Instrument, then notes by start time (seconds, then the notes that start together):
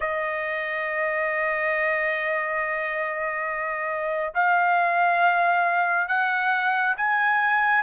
trumpet
0.00 D#5
4.34 F5
6.08 F#5
6.96 G#5